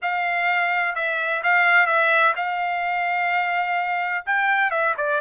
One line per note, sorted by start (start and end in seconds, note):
0.02 0.95 F5
0.95 1.42 E5
1.43 1.86 F5
1.86 2.33 E5
2.36 4.25 F5
4.26 4.70 G5
4.70 4.94 E5
4.97 5.20 D5